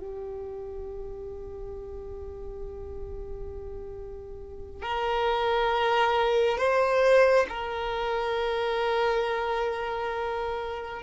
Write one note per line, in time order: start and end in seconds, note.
0.00 4.82 G4
4.82 6.59 A#4
6.59 7.47 C5
7.50 11.03 A#4